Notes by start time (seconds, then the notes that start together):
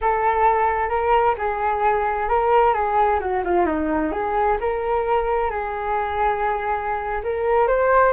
0.01 A4
0.89 A#4
1.38 G#4
2.29 A#4
2.73 G#4
3.20 F#4
3.44 F4
3.66 D#4
4.11 G#4
4.60 A#4
5.50 G#4
7.23 A#4
7.67 C5